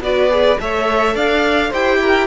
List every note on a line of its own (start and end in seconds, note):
0.00 0.57 B3
0.00 0.30 F#4
0.00 0.61 B4
0.00 0.60 D5
0.30 0.58 G#4
0.60 1.15 A3
0.60 1.73 A4
0.60 1.15 C#5
0.60 1.16 E5
1.15 1.72 D4
1.15 1.70 D5
1.15 1.73 F5
1.70 2.27 E4
1.70 2.27 G4
1.70 1.98 C5
1.70 2.27 G5
2.01 2.27 A#4